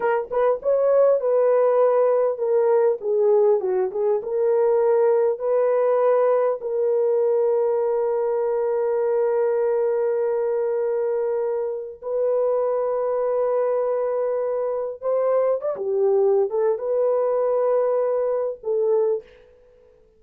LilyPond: \new Staff \with { instrumentName = "horn" } { \time 4/4 \tempo 4 = 100 ais'8 b'8 cis''4 b'2 | ais'4 gis'4 fis'8 gis'8 ais'4~ | ais'4 b'2 ais'4~ | ais'1~ |
ais'1 | b'1~ | b'4 c''4 d''16 g'4~ g'16 a'8 | b'2. a'4 | }